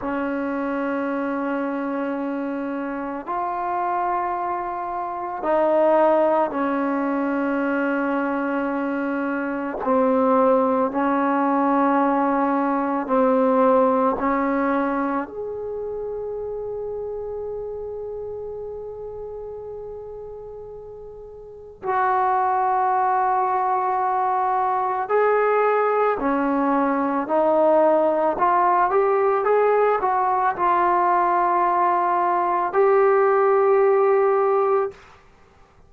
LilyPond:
\new Staff \with { instrumentName = "trombone" } { \time 4/4 \tempo 4 = 55 cis'2. f'4~ | f'4 dis'4 cis'2~ | cis'4 c'4 cis'2 | c'4 cis'4 gis'2~ |
gis'1 | fis'2. gis'4 | cis'4 dis'4 f'8 g'8 gis'8 fis'8 | f'2 g'2 | }